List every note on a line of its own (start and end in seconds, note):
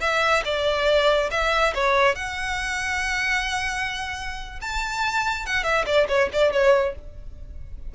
0.00 0.43 E5
0.45 1.30 D5
1.31 1.73 E5
1.74 2.15 C#5
2.15 4.60 F#5
4.61 5.46 A5
5.46 5.63 F#5
5.63 5.85 E5
5.86 6.07 D5
6.08 6.29 C#5
6.32 6.52 D5
6.52 6.95 C#5